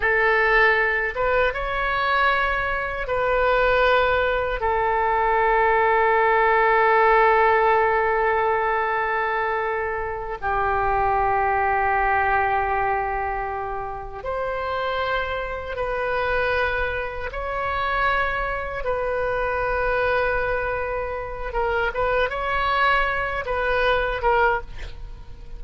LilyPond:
\new Staff \with { instrumentName = "oboe" } { \time 4/4 \tempo 4 = 78 a'4. b'8 cis''2 | b'2 a'2~ | a'1~ | a'4. g'2~ g'8~ |
g'2~ g'8 c''4.~ | c''8 b'2 cis''4.~ | cis''8 b'2.~ b'8 | ais'8 b'8 cis''4. b'4 ais'8 | }